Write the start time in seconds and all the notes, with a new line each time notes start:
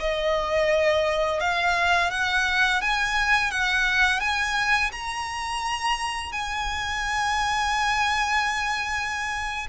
0.00 D#5
1.40 F5
2.11 F#5
2.81 G#5
3.51 F#5
4.20 G#5
4.92 A#5
6.32 G#5